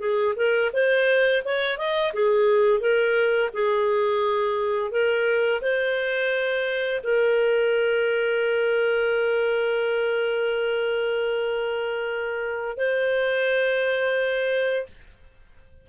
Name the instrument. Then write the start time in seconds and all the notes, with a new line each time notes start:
clarinet
0.00 G#4
0.36 A#4
0.73 C5
1.45 C#5
1.78 D#5
2.14 G#4
2.80 A#4
3.54 G#4
4.91 A#4
5.62 C5
7.04 A#4
12.77 C5